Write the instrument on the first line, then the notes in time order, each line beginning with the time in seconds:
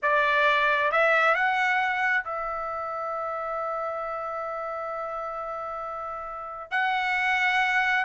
trumpet
0.02 D5
0.91 E5
1.35 F#5
2.23 E5
6.70 F#5